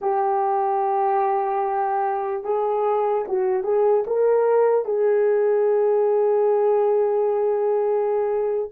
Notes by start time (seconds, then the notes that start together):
0.01 G4
2.43 G#4
3.28 F#4
3.63 G#4
4.07 A#4
4.85 G#4